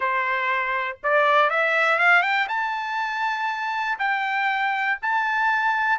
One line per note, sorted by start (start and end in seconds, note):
0.00 0.97 C5
1.02 1.50 D5
1.50 1.99 E5
1.99 2.22 F5
2.22 2.47 G5
2.48 3.98 A5
3.99 4.99 G5
5.02 5.99 A5